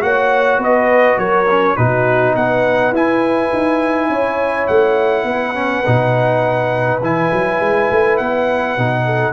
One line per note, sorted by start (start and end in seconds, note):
0.00 0.58 A#3
0.00 1.46 F#4
0.00 0.60 C#5
0.00 0.61 F#5
0.58 1.16 B3
0.58 1.18 B4
0.58 1.18 D#5
1.17 1.76 F#3
1.17 1.76 A#4
1.17 1.76 C#5
1.50 1.77 C#4
1.76 2.36 B2
1.76 2.93 D#4
1.76 2.35 F#4
1.76 2.34 B4
2.36 2.92 B3
2.36 4.10 B4
2.36 2.94 F#5
2.92 3.50 E4
2.92 5.54 E4
2.92 4.67 G#5
3.53 4.09 D#4
4.09 4.67 C#4
4.09 5.26 C#5
4.67 5.24 A3
4.67 7.00 F#5
5.24 5.82 B3
5.24 9.04 B4
5.54 5.83 C#4
5.85 7.01 B2
5.85 7.02 D#4
7.01 7.30 E3
7.01 8.78 E4
7.01 8.17 G#5
7.33 7.60 F#3
7.60 7.89 G#3
7.91 8.19 A3
8.17 8.78 B3
8.17 9.33 F#5
8.78 9.33 B2
8.78 9.33 D#4
9.05 9.33 A4